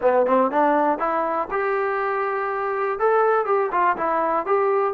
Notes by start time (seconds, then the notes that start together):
0.01 B3
0.26 C4
0.51 D4
0.98 E4
1.50 G4
2.99 A4
3.45 G4
3.71 F4
3.97 E4
4.46 G4